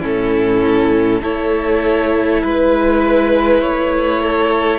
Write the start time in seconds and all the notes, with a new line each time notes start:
0.00 A2 C#4 E4 A4
1.22 A3 E4 A4 C#5
2.42 G#3 B4
3.61 A3 C#5
4.22 A4